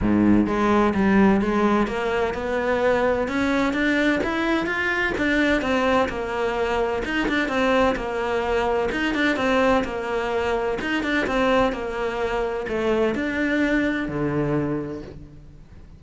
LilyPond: \new Staff \with { instrumentName = "cello" } { \time 4/4 \tempo 4 = 128 gis,4 gis4 g4 gis4 | ais4 b2 cis'4 | d'4 e'4 f'4 d'4 | c'4 ais2 dis'8 d'8 |
c'4 ais2 dis'8 d'8 | c'4 ais2 dis'8 d'8 | c'4 ais2 a4 | d'2 d2 | }